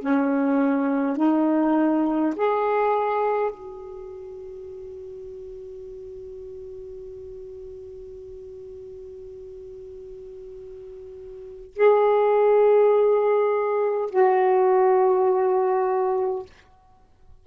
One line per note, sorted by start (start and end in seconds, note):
0.00 1.17 C#4
1.17 2.34 D#4
2.36 3.51 G#4
3.51 11.74 F#4
11.75 14.10 G#4
14.10 16.45 F#4